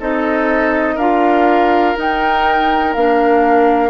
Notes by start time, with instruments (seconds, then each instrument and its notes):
0.00 bassoon C4, clarinet D#4, oboe A4, flute D#5
0.95 bassoon D4, clarinet F4, oboe A#4, flute F5
1.96 clarinet D#4, bassoon D#4, flute G5
2.94 bassoon A#3, clarinet D4, flute F5